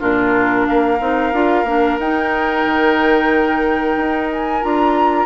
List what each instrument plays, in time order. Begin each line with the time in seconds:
0.00 bassoon A#2, clarinet D4, oboe F4, flute A#4
0.67 bassoon A#3, oboe A#4, flute F5
1.00 bassoon C4, clarinet D#4
1.33 bassoon D4, clarinet F4
1.64 bassoon A#3, clarinet D4
1.99 bassoon D#4, clarinet D#4, flute G5
2.66 bassoon D#3
3.97 bassoon D#4
4.33 flute G#5
4.62 bassoon D4, clarinet F4, flute A#5